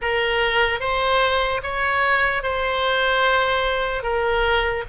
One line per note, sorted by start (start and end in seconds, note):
0.01 0.80 A#4
0.80 1.61 C5
1.62 2.43 C#5
2.43 4.02 C5
4.02 4.84 A#4